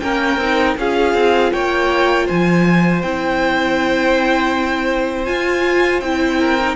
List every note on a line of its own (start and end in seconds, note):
0.00 0.37 A#3
0.00 0.39 C#4
0.00 0.78 A#4
0.00 0.75 G5
0.37 0.75 C4
0.37 0.78 D#4
0.78 1.14 C#4
0.78 3.03 F4
0.78 1.53 G#4
0.78 1.53 F5
1.14 1.52 C4
1.53 2.29 A#3
1.53 2.26 C#5
1.53 2.28 G5
2.26 3.03 F3
2.26 6.39 C5
2.26 3.02 G#5
3.02 5.28 C4
3.02 5.26 E4
3.02 5.25 G5
5.25 6.01 F4
5.25 6.02 F4
5.25 6.00 G#5
6.01 6.76 C4
6.01 6.61 E4
6.01 6.76 G5
6.40 6.76 A#4
6.62 6.76 D#4